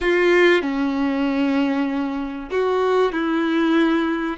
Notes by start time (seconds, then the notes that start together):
0.00 F4
0.62 C#4
2.50 F#4
3.12 E4